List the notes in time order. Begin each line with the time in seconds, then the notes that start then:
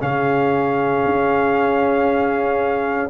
0.00 C#3 C#4 G#4 F5
1.05 C#4